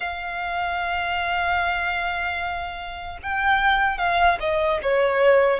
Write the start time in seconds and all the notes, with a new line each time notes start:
0.00 F5
3.22 G5
3.97 F5
4.40 D#5
4.82 C#5